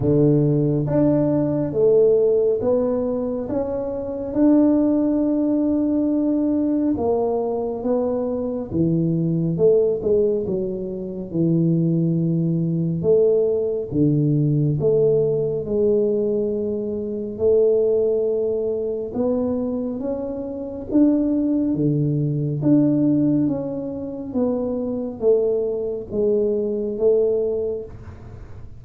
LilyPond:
\new Staff \with { instrumentName = "tuba" } { \time 4/4 \tempo 4 = 69 d4 d'4 a4 b4 | cis'4 d'2. | ais4 b4 e4 a8 gis8 | fis4 e2 a4 |
d4 a4 gis2 | a2 b4 cis'4 | d'4 d4 d'4 cis'4 | b4 a4 gis4 a4 | }